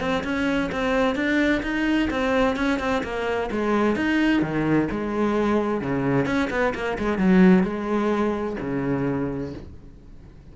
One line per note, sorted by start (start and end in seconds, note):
0.00 0.23 C4
0.23 0.70 C#4
0.71 1.15 C4
1.15 1.62 D4
1.62 2.09 D#4
2.10 2.56 C4
2.56 2.79 C#4
2.79 3.02 C4
3.03 3.50 A#3
3.51 3.95 G#3
3.95 4.42 D#4
4.42 4.88 D#3
4.91 5.81 G#3
5.81 6.26 C#3
6.26 6.49 C#4
6.50 6.73 B3
6.74 6.97 A#3
6.98 7.18 G#3
7.18 7.63 F#3
7.63 8.56 G#3
8.60 9.53 C#3